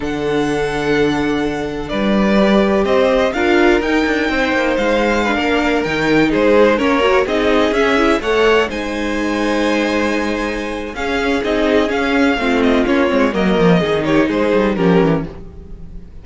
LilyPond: <<
  \new Staff \with { instrumentName = "violin" } { \time 4/4 \tempo 4 = 126 fis''1 | d''2 dis''4 f''4 | g''2 f''2~ | f''16 g''4 c''4 cis''4 dis''8.~ |
dis''16 e''4 fis''4 gis''4.~ gis''16~ | gis''2. f''4 | dis''4 f''4. dis''8 cis''4 | dis''4. cis''8 c''4 ais'4 | }
  \new Staff \with { instrumentName = "violin" } { \time 4/4 a'1 | b'2 c''4 ais'4~ | ais'4 c''2 b'16 ais'8.~ | ais'4~ ais'16 gis'4 ais'4 gis'8.~ |
gis'4~ gis'16 cis''4 c''4.~ c''16~ | c''2. gis'4~ | gis'2 f'2 | ais'4 gis'8 g'8 gis'4 g'4 | }
  \new Staff \with { instrumentName = "viola" } { \time 4/4 d'1~ | d'4 g'2 f'4 | dis'2. d'4~ | d'16 dis'2 cis'8 fis'8 dis'8.~ |
dis'16 cis'8 e'8 a'4 dis'4.~ dis'16~ | dis'2. cis'4 | dis'4 cis'4 c'4 cis'8 c'8 | ais4 dis'2 cis'4 | }
  \new Staff \with { instrumentName = "cello" } { \time 4/4 d1 | g2 c'4 d'4 | dis'8 d'8 c'8 ais8 gis4~ gis16 ais8.~ | ais16 dis4 gis4 ais4 c'8.~ |
c'16 cis'4 a4 gis4.~ gis16~ | gis2. cis'4 | c'4 cis'4 a4 ais8 gis8 | fis8 f8 dis4 gis8 g8 f8 e8 | }
>>